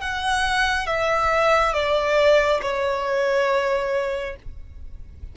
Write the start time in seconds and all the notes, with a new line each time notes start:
0.00 F#5
0.86 E5
1.73 D5
2.61 C#5